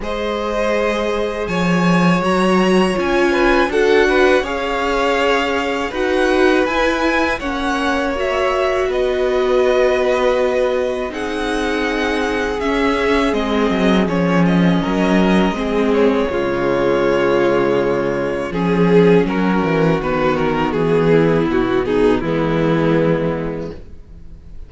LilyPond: <<
  \new Staff \with { instrumentName = "violin" } { \time 4/4 \tempo 4 = 81 dis''2 gis''4 ais''4 | gis''4 fis''4 f''2 | fis''4 gis''4 fis''4 e''4 | dis''2. fis''4~ |
fis''4 e''4 dis''4 cis''8 dis''8~ | dis''4. cis''2~ cis''8~ | cis''4 gis'4 ais'4 b'8 ais'8 | gis'4 fis'8 gis'8 e'2 | }
  \new Staff \with { instrumentName = "violin" } { \time 4/4 c''2 cis''2~ | cis''8 b'8 a'8 b'8 cis''2 | b'2 cis''2 | b'2. gis'4~ |
gis'1 | ais'4 gis'4 f'2~ | f'4 gis'4 fis'2~ | fis'8 e'4 dis'8 b2 | }
  \new Staff \with { instrumentName = "viola" } { \time 4/4 gis'2. fis'4 | f'4 fis'4 gis'2 | fis'4 e'4 cis'4 fis'4~ | fis'2. dis'4~ |
dis'4 cis'4 c'4 cis'4~ | cis'4 c'4 gis2~ | gis4 cis'2 b4~ | b2 gis2 | }
  \new Staff \with { instrumentName = "cello" } { \time 4/4 gis2 f4 fis4 | cis'4 d'4 cis'2 | dis'4 e'4 ais2 | b2. c'4~ |
c'4 cis'4 gis8 fis8 f4 | fis4 gis4 cis2~ | cis4 f4 fis8 e8 dis4 | e4 b,4 e2 | }
>>